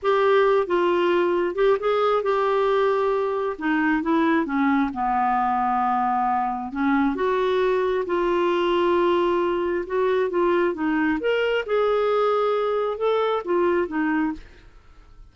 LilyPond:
\new Staff \with { instrumentName = "clarinet" } { \time 4/4 \tempo 4 = 134 g'4. f'2 g'8 | gis'4 g'2. | dis'4 e'4 cis'4 b4~ | b2. cis'4 |
fis'2 f'2~ | f'2 fis'4 f'4 | dis'4 ais'4 gis'2~ | gis'4 a'4 f'4 dis'4 | }